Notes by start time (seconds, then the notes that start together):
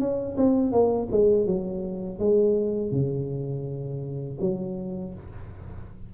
0.00 C#4
0.37 C4
0.72 A#3
1.12 G#3
1.47 F#3
2.20 G#3
2.92 C#3
4.41 F#3